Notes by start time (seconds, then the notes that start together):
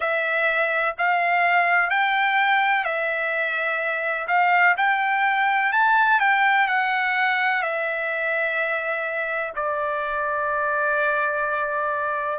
0.00 E5
0.98 F5
1.90 G5
2.84 E5
4.27 F5
4.77 G5
5.72 A5
6.19 G5
6.67 F#5
7.62 E5
9.55 D5